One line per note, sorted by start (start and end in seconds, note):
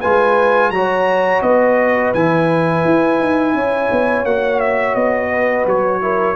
0.00 0.70 G#3
0.00 0.74 F4
0.00 0.71 B4
0.00 0.71 G#5
0.70 1.41 F#3
0.70 2.15 F#4
0.70 1.44 C#5
0.70 1.41 A#5
1.42 2.12 B3
1.42 3.55 B4
1.42 2.12 D#5
2.14 2.85 E3
2.14 4.27 E4
2.14 4.25 G#5
2.85 3.19 E4
3.19 3.54 D#4
3.54 3.89 C#4
3.54 5.30 C#5
3.91 4.24 B3
4.24 4.94 A#3
4.24 6.01 F#4
4.24 4.60 F#5
4.60 4.95 E5
4.94 5.65 B3
4.94 5.65 D#5
5.30 6.00 B4
5.66 6.35 F#3
5.66 6.35 C#5
6.01 6.35 E4
6.01 6.35 A#4